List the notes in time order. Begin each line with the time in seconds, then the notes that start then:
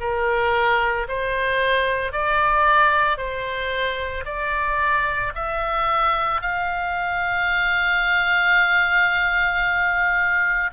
0.00 A#4
1.08 C5
2.12 D5
3.17 C5
4.25 D5
5.35 E5
6.41 F5